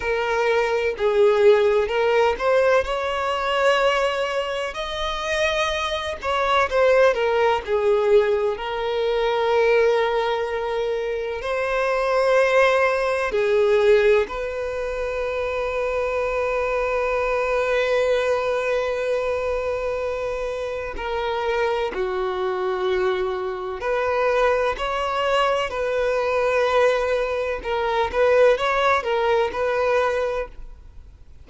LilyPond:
\new Staff \with { instrumentName = "violin" } { \time 4/4 \tempo 4 = 63 ais'4 gis'4 ais'8 c''8 cis''4~ | cis''4 dis''4. cis''8 c''8 ais'8 | gis'4 ais'2. | c''2 gis'4 b'4~ |
b'1~ | b'2 ais'4 fis'4~ | fis'4 b'4 cis''4 b'4~ | b'4 ais'8 b'8 cis''8 ais'8 b'4 | }